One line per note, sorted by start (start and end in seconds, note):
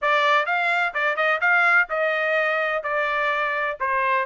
0.01 0.46 D5
0.46 0.93 F5
0.94 1.16 D5
1.16 1.40 D#5
1.40 1.87 F5
1.89 2.83 D#5
2.83 3.77 D5
3.79 4.25 C5